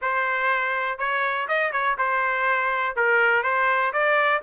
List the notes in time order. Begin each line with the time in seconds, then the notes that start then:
0.01 C5
0.98 C#5
1.48 D#5
1.72 C#5
1.98 C5
2.96 A#4
3.43 C5
3.93 D5